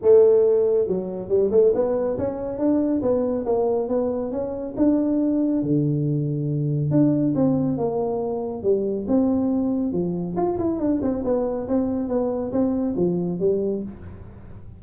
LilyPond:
\new Staff \with { instrumentName = "tuba" } { \time 4/4 \tempo 4 = 139 a2 fis4 g8 a8 | b4 cis'4 d'4 b4 | ais4 b4 cis'4 d'4~ | d'4 d2. |
d'4 c'4 ais2 | g4 c'2 f4 | f'8 e'8 d'8 c'8 b4 c'4 | b4 c'4 f4 g4 | }